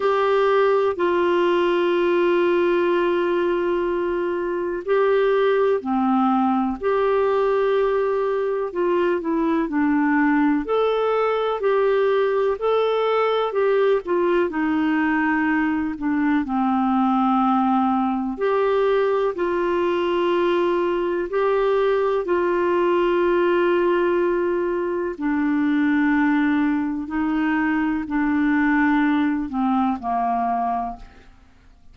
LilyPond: \new Staff \with { instrumentName = "clarinet" } { \time 4/4 \tempo 4 = 62 g'4 f'2.~ | f'4 g'4 c'4 g'4~ | g'4 f'8 e'8 d'4 a'4 | g'4 a'4 g'8 f'8 dis'4~ |
dis'8 d'8 c'2 g'4 | f'2 g'4 f'4~ | f'2 d'2 | dis'4 d'4. c'8 ais4 | }